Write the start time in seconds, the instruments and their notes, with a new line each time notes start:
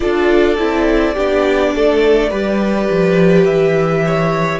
0.00 cello D4, viola F4, violin A4 D5
0.58 cello C4, viola E4
1.14 cello B3, viola D4, violin G4
1.75 cello A3, violin A4
2.30 cello G3, viola G4, violin B4
2.90 cello F3
3.45 cello E3, violin E5
4.05 violin C#5